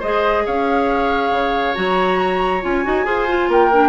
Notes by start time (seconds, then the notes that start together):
0.00 G#3 G#4 C5 D#5
0.46 C#4 C#5 F5
1.31 C#3
1.75 F#3 F#4 A#5
2.63 C#4 F4 G#5
2.84 D#4 F#4
3.05 F4 G#4 C5
3.29 F4
3.49 A#3 A#4 G5
3.73 D4